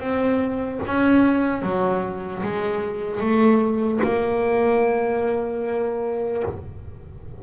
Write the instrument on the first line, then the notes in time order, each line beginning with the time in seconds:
double bass
0.00 C4
0.87 C#4
1.62 F#3
2.43 G#3
3.20 A3
4.03 A#3